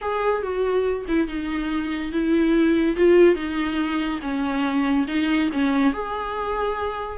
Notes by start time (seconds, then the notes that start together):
0.01 G#4
0.42 F#4
1.08 E4
1.27 D#4
2.12 E4
2.96 F4
3.35 D#4
4.21 C#4
5.07 D#4
5.52 C#4
5.93 G#4